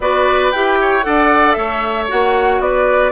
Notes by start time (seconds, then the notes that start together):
0.00 B3 F#4 B4 D5
0.51 E4 G4 G5
0.80 C#5
1.02 D4 A4 D5 F#5
1.52 A3 C#5 E5
2.08 A#3 F#4 F#5
2.60 B3 B4 D5